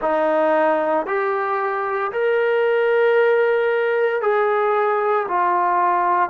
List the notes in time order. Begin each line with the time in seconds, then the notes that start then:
0.01 D#4
1.06 G4
2.11 A#4
4.21 G#4
5.27 F4